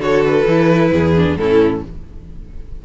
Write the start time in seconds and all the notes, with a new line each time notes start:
0.00 D3 F#4 A4 C#5
0.25 B4
0.47 E3 E4
0.92 E2 G#4
1.16 D4
1.37 A2 C#4 E4 A4